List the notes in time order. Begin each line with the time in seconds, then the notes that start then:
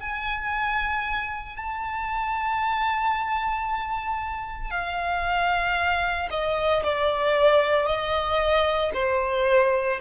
0.00 G#5
1.56 A5
4.70 F5
6.30 D#5
6.83 D5
7.86 D#5
8.94 C5